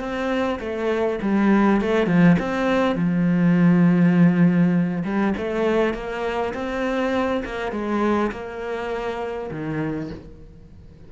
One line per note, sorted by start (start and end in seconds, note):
0.00 0.59 C4
0.60 1.20 A3
1.22 1.81 G3
1.81 2.07 A3
2.07 2.37 F3
2.39 2.96 C4
2.96 5.04 F3
5.04 5.34 G3
5.38 5.94 A3
5.94 6.53 A#3
6.54 7.43 C4
7.45 7.72 A#3
7.72 8.31 G#3
8.32 9.50 A#3
9.51 10.11 D#3